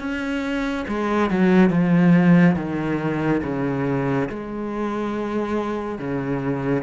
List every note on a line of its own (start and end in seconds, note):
0.00 0.86 C#4
0.88 1.31 G#3
1.31 1.70 F#3
1.70 2.56 F3
2.56 3.42 D#3
3.44 4.29 C#3
4.30 5.99 G#3
5.99 6.83 C#3